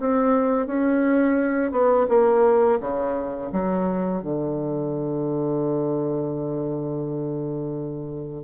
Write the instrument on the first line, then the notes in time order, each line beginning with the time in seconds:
bassoon
0.00 C4
0.67 C#4
1.72 B3
2.09 A#3
2.80 C#3
3.53 F#3
4.23 D3